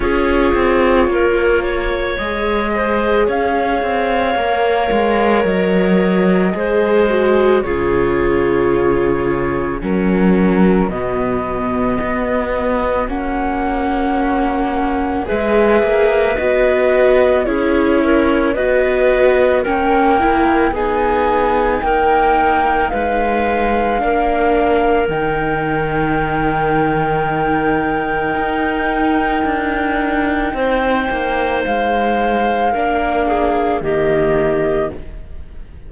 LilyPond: <<
  \new Staff \with { instrumentName = "flute" } { \time 4/4 \tempo 4 = 55 cis''2 dis''4 f''4~ | f''4 dis''2 cis''4~ | cis''4 ais'4 dis''2 | fis''2 e''4 dis''4 |
cis''4 dis''4 g''4 gis''4 | g''4 f''2 g''4~ | g''1~ | g''4 f''2 dis''4 | }
  \new Staff \with { instrumentName = "clarinet" } { \time 4/4 gis'4 ais'8 cis''4 c''8 cis''4~ | cis''2 c''4 gis'4~ | gis'4 fis'2.~ | fis'2 b'2 |
gis'8 ais'8 b'4 ais'4 gis'4 | ais'4 b'4 ais'2~ | ais'1 | c''2 ais'8 gis'8 g'4 | }
  \new Staff \with { instrumentName = "viola" } { \time 4/4 f'2 gis'2 | ais'2 gis'8 fis'8 f'4~ | f'4 cis'4 b2 | cis'2 gis'4 fis'4 |
e'4 fis'4 cis'8 e'8 dis'4~ | dis'2 d'4 dis'4~ | dis'1~ | dis'2 d'4 ais4 | }
  \new Staff \with { instrumentName = "cello" } { \time 4/4 cis'8 c'8 ais4 gis4 cis'8 c'8 | ais8 gis8 fis4 gis4 cis4~ | cis4 fis4 b,4 b4 | ais2 gis8 ais8 b4 |
cis'4 b4 ais4 b4 | ais4 gis4 ais4 dis4~ | dis2 dis'4 d'4 | c'8 ais8 gis4 ais4 dis4 | }
>>